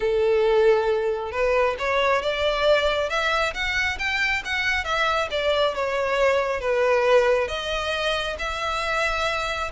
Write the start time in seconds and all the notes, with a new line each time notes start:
0.00 A4
1.31 B4
1.79 C#5
2.22 D5
3.09 E5
3.54 F#5
3.98 G5
4.45 F#5
4.84 E5
5.30 D5
5.75 C#5
6.60 B4
7.48 D#5
8.38 E5